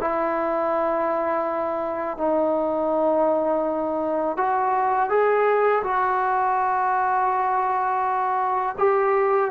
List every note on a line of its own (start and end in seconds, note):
0.00 2.17 E4
2.17 4.37 D#4
4.37 5.09 F#4
5.09 5.82 G#4
5.83 8.76 F#4
8.78 9.51 G4